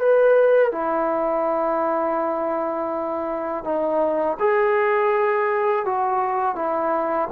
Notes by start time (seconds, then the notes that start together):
0.00 B4
0.72 E4
3.65 D#4
4.40 G#4
5.86 F#4
6.56 E4